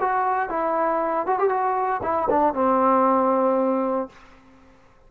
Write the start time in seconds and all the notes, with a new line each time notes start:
0.00 F#4
0.49 E4
1.26 F#4
1.39 G4
1.49 F#4
2.03 E4
2.30 D4
2.54 C4